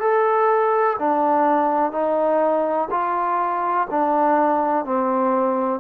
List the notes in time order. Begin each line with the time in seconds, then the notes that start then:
0.00 A4
0.99 D4
1.92 D#4
2.91 F4
3.91 D4
4.85 C4